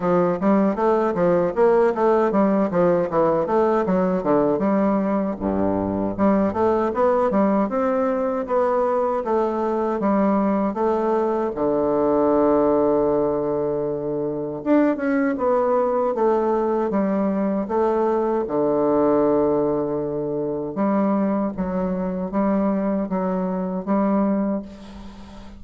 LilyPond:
\new Staff \with { instrumentName = "bassoon" } { \time 4/4 \tempo 4 = 78 f8 g8 a8 f8 ais8 a8 g8 f8 | e8 a8 fis8 d8 g4 g,4 | g8 a8 b8 g8 c'4 b4 | a4 g4 a4 d4~ |
d2. d'8 cis'8 | b4 a4 g4 a4 | d2. g4 | fis4 g4 fis4 g4 | }